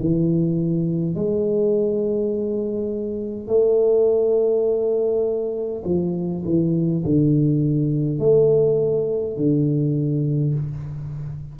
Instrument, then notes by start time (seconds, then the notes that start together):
tuba
0.00 E3
1.15 G#3
3.48 A3
5.85 F3
6.45 E3
7.05 D3
8.19 A3
9.37 D3